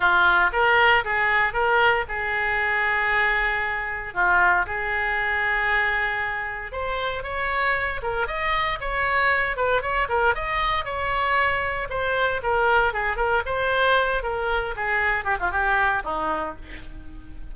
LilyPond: \new Staff \with { instrumentName = "oboe" } { \time 4/4 \tempo 4 = 116 f'4 ais'4 gis'4 ais'4 | gis'1 | f'4 gis'2.~ | gis'4 c''4 cis''4. ais'8 |
dis''4 cis''4. b'8 cis''8 ais'8 | dis''4 cis''2 c''4 | ais'4 gis'8 ais'8 c''4. ais'8~ | ais'8 gis'4 g'16 f'16 g'4 dis'4 | }